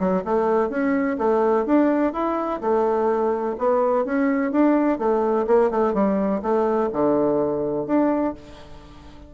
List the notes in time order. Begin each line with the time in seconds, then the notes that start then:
0.00 F#3
0.25 A3
0.70 C#4
1.18 A3
1.66 D4
2.13 E4
2.61 A3
3.59 B3
4.05 C#4
4.52 D4
4.99 A3
5.47 A#3
5.71 A3
5.94 G3
6.42 A3
6.93 D3
7.87 D4